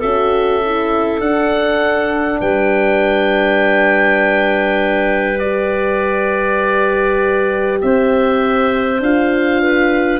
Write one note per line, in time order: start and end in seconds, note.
0.00 1.21 C#4
0.00 0.63 F#4
0.00 2.40 A4
0.00 1.21 E5
0.65 1.21 E4
1.21 2.41 D4
1.21 5.41 D4
1.21 2.41 F#5
2.40 7.81 G3
2.40 7.80 B4
2.40 5.39 G5
5.39 9.02 G4
5.39 7.79 D5
7.81 9.00 C4
7.81 9.62 C5
7.81 9.01 E5
9.00 10.20 D4
9.00 10.20 F4
9.00 10.20 F5
9.62 10.20 B4